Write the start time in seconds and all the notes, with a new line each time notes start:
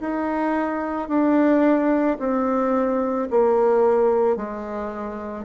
0.00 D#4
1.08 D4
2.19 C4
3.30 A#3
4.36 G#3